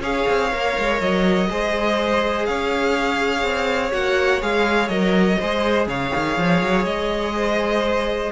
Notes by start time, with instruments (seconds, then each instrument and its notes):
0.00 cello C#4, viola G#4, violin C#5 F5
0.29 cello C4
0.52 cello A#3, viola A#4
0.78 cello G#3
1.01 cello F#3, violin D#5
1.50 cello G#3, viola G#4, violin C5
2.46 cello C#4, violin C#5 F5
3.43 cello C4
3.92 cello A#3, viola F#4, violin F#5
4.42 cello G#3, viola G#4, violin F5
4.89 cello F#3, viola A#4, violin D#5
5.39 cello G#3, viola G#4, violin C5
5.87 cello C#3, violin C#5 F5
6.16 cello D#3
6.38 cello F3
6.62 cello F#3
6.85 cello G#3, violin D#5
7.35 violin C5